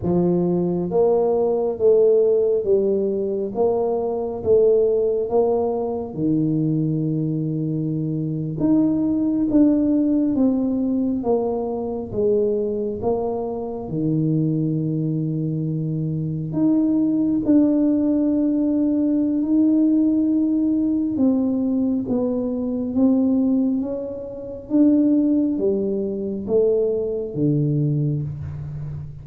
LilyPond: \new Staff \with { instrumentName = "tuba" } { \time 4/4 \tempo 4 = 68 f4 ais4 a4 g4 | ais4 a4 ais4 dis4~ | dis4.~ dis16 dis'4 d'4 c'16~ | c'8. ais4 gis4 ais4 dis16~ |
dis2~ dis8. dis'4 d'16~ | d'2 dis'2 | c'4 b4 c'4 cis'4 | d'4 g4 a4 d4 | }